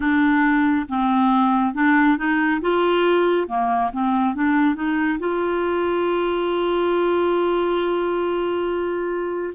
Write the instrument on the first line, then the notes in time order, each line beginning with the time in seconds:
clarinet
0.00 D4
0.89 C4
1.74 D4
2.17 D#4
2.61 F4
3.47 A#3
3.92 C4
4.34 D4
4.75 D#4
5.19 F4